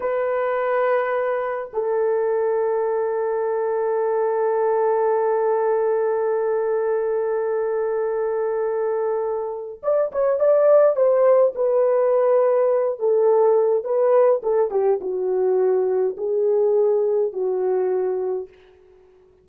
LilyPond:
\new Staff \with { instrumentName = "horn" } { \time 4/4 \tempo 4 = 104 b'2. a'4~ | a'1~ | a'1~ | a'1~ |
a'4 d''8 cis''8 d''4 c''4 | b'2~ b'8 a'4. | b'4 a'8 g'8 fis'2 | gis'2 fis'2 | }